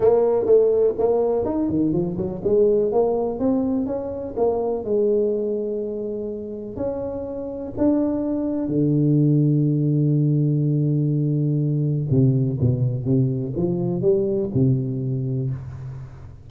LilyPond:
\new Staff \with { instrumentName = "tuba" } { \time 4/4 \tempo 4 = 124 ais4 a4 ais4 dis'8 dis8 | f8 fis8 gis4 ais4 c'4 | cis'4 ais4 gis2~ | gis2 cis'2 |
d'2 d2~ | d1~ | d4 c4 b,4 c4 | f4 g4 c2 | }